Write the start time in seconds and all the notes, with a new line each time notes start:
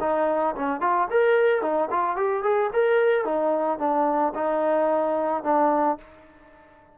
0.00 D#4
0.55 C#4
0.80 F4
1.10 A#4
1.61 D#4
1.90 F4
2.16 G4
2.43 G#4
2.73 A#4
3.24 D#4
3.78 D4
4.34 D#4
5.43 D4